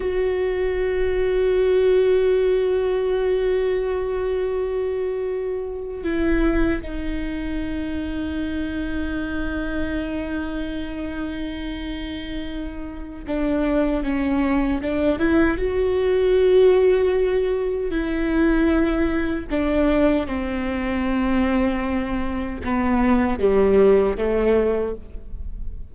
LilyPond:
\new Staff \with { instrumentName = "viola" } { \time 4/4 \tempo 4 = 77 fis'1~ | fis'2.~ fis'8. e'16~ | e'8. dis'2.~ dis'16~ | dis'1~ |
dis'4 d'4 cis'4 d'8 e'8 | fis'2. e'4~ | e'4 d'4 c'2~ | c'4 b4 g4 a4 | }